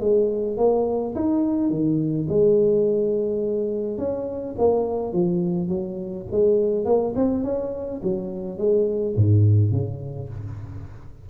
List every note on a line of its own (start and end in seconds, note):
0.00 0.57 G#3
0.57 1.14 A#3
1.15 1.70 D#4
1.70 2.27 D#3
2.29 3.98 G#3
3.98 4.55 C#4
4.58 5.13 A#3
5.13 5.68 F3
5.68 6.25 F#3
6.31 6.85 G#3
6.85 7.14 A#3
7.16 7.43 C4
7.43 8.01 C#4
8.03 8.58 F#3
8.58 9.15 G#3
9.16 9.72 G#2
9.72 10.29 C#3